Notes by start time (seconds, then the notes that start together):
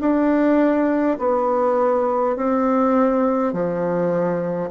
0.00 D4
1.19 B3
2.36 C4
3.53 F3